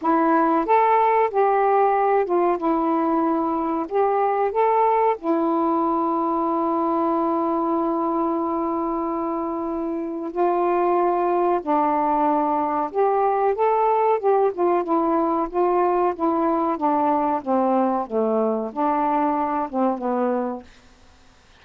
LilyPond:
\new Staff \with { instrumentName = "saxophone" } { \time 4/4 \tempo 4 = 93 e'4 a'4 g'4. f'8 | e'2 g'4 a'4 | e'1~ | e'1 |
f'2 d'2 | g'4 a'4 g'8 f'8 e'4 | f'4 e'4 d'4 c'4 | a4 d'4. c'8 b4 | }